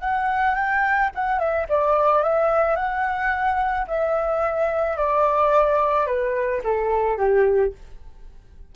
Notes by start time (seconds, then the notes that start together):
0.00 F#5
0.55 G5
1.15 F#5
1.39 E5
1.69 D5
2.23 E5
2.76 F#5
3.88 E5
4.97 D5
6.07 B4
6.64 A4
7.18 G4